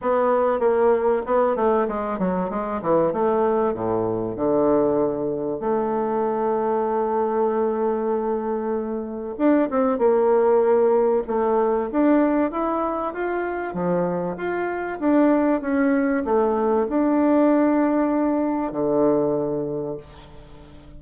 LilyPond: \new Staff \with { instrumentName = "bassoon" } { \time 4/4 \tempo 4 = 96 b4 ais4 b8 a8 gis8 fis8 | gis8 e8 a4 a,4 d4~ | d4 a2.~ | a2. d'8 c'8 |
ais2 a4 d'4 | e'4 f'4 f4 f'4 | d'4 cis'4 a4 d'4~ | d'2 d2 | }